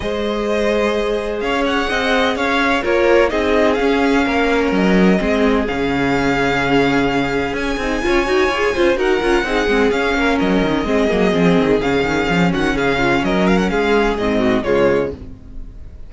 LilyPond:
<<
  \new Staff \with { instrumentName = "violin" } { \time 4/4 \tempo 4 = 127 dis''2. f''8 fis''8~ | fis''4 f''4 cis''4 dis''4 | f''2 dis''2 | f''1 |
gis''2. fis''4~ | fis''4 f''4 dis''2~ | dis''4 f''4. fis''8 f''4 | dis''8 f''16 fis''16 f''4 dis''4 cis''4 | }
  \new Staff \with { instrumentName = "violin" } { \time 4/4 c''2. cis''4 | dis''4 cis''4 ais'4 gis'4~ | gis'4 ais'2 gis'4~ | gis'1~ |
gis'4 cis''4. c''8 ais'4 | gis'4. ais'4. gis'4~ | gis'2~ gis'8 fis'8 gis'8 f'8 | ais'4 gis'4. fis'8 f'4 | }
  \new Staff \with { instrumentName = "viola" } { \time 4/4 gis'1~ | gis'2 f'4 dis'4 | cis'2. c'4 | cis'1~ |
cis'8 dis'8 f'8 fis'8 gis'8 f'8 fis'8 f'8 | dis'8 c'8 cis'2 c'8 ais8 | c'4 cis'2.~ | cis'2 c'4 gis4 | }
  \new Staff \with { instrumentName = "cello" } { \time 4/4 gis2. cis'4 | c'4 cis'4 ais4 c'4 | cis'4 ais4 fis4 gis4 | cis1 |
cis'8 c'8 cis'8 dis'8 f'8 cis'8 dis'8 cis'8 | c'8 gis8 cis'8 ais8 fis8 dis8 gis8 fis8 | f8 dis8 cis8 dis8 f8 dis8 cis4 | fis4 gis4 gis,4 cis4 | }
>>